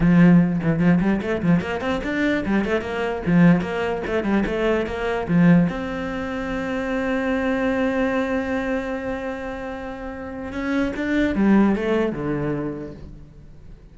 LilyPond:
\new Staff \with { instrumentName = "cello" } { \time 4/4 \tempo 4 = 148 f4. e8 f8 g8 a8 f8 | ais8 c'8 d'4 g8 a8 ais4 | f4 ais4 a8 g8 a4 | ais4 f4 c'2~ |
c'1~ | c'1~ | c'2 cis'4 d'4 | g4 a4 d2 | }